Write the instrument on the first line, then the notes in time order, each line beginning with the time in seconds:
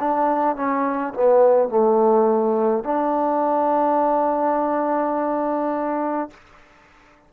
trombone
0.00 D4
0.56 C#4
1.14 B3
1.69 A3
2.84 D4